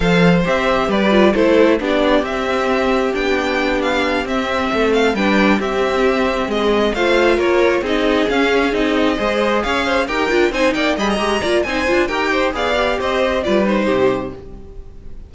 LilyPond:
<<
  \new Staff \with { instrumentName = "violin" } { \time 4/4 \tempo 4 = 134 f''4 e''4 d''4 c''4 | d''4 e''2 g''4~ | g''8 f''4 e''4. f''8 g''8~ | g''8 e''2 dis''4 f''8~ |
f''8 cis''4 dis''4 f''4 dis''8~ | dis''4. f''4 g''4 gis''8 | g''8 b''16 ais''4~ ais''16 gis''4 g''4 | f''4 dis''4 d''8 c''4. | }
  \new Staff \with { instrumentName = "violin" } { \time 4/4 c''2 b'4 a'4 | g'1~ | g'2~ g'8 a'4 b'8~ | b'8 g'2 gis'4 c''8~ |
c''8 ais'4 gis'2~ gis'8~ | gis'8 c''4 cis''8 c''8 ais'4 c''8 | d''8 dis''4 d''8 c''4 ais'8 c''8 | d''4 c''4 b'4 g'4 | }
  \new Staff \with { instrumentName = "viola" } { \time 4/4 a'4 g'4. f'8 e'4 | d'4 c'2 d'4~ | d'4. c'2 d'8~ | d'8 c'2. f'8~ |
f'4. dis'4 cis'4 dis'8~ | dis'8 gis'2 g'8 f'8 dis'8~ | dis'8 gis'8 g'8 f'8 dis'8 f'8 g'4 | gis'8 g'4. f'8 dis'4. | }
  \new Staff \with { instrumentName = "cello" } { \time 4/4 f4 c'4 g4 a4 | b4 c'2 b4~ | b4. c'4 a4 g8~ | g8 c'2 gis4 a8~ |
a8 ais4 c'4 cis'4 c'8~ | c'8 gis4 cis'4 dis'8 d'8 c'8 | ais8 g8 gis8 ais8 c'8 d'8 dis'4 | b4 c'4 g4 c4 | }
>>